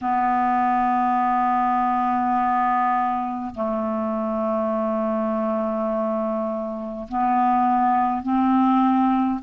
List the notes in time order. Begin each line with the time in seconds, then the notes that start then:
0.01 B3
3.54 A3
7.08 B3
8.22 C4